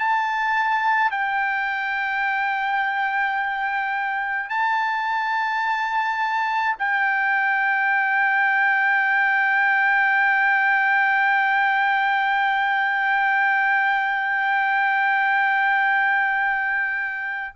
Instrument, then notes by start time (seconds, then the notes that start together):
trumpet
0.00 A5
1.12 G5
4.50 A5
6.79 G5